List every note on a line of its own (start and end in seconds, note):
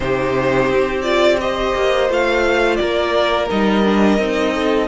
0.00 0.69 C3
0.00 1.02 D#4
0.00 1.41 G4
0.00 1.02 C5
0.69 1.73 C4
1.02 1.38 F4
1.02 1.37 D5
1.40 2.09 G4
1.40 2.80 C5
1.40 2.10 D#5
1.74 2.09 A#3
2.09 2.79 A3
2.09 3.48 F4
2.09 2.76 F5
2.76 3.50 A#3
2.76 4.53 A#4
2.76 3.45 D5
3.49 4.18 G3
3.49 3.84 D#4
3.49 4.87 D#5
3.84 4.18 D4
4.18 4.87 C4
4.18 4.87 D#4
4.53 4.87 A4